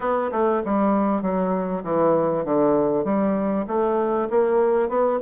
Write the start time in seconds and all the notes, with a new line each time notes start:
0.00 B3
0.31 A3
0.64 G3
1.22 F#3
1.83 E3
2.44 D3
3.04 G3
3.67 A3
4.29 A#3
4.88 B3